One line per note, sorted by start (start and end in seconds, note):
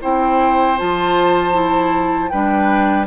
0.00 0.80 C4
0.00 0.77 E4
0.00 2.30 C5
0.00 0.78 G5
0.77 2.33 F3
0.77 1.52 F4
0.77 2.29 A5
1.52 2.29 E4
2.29 3.06 G3
2.29 3.06 D4
2.29 3.06 B4
2.29 3.06 G5